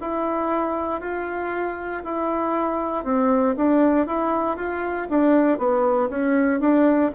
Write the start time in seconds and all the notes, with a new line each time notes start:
0.00 E4
1.00 F4
2.04 E4
3.04 C4
3.56 D4
4.06 E4
4.56 F4
5.09 D4
5.58 B3
6.09 C#4
6.60 D4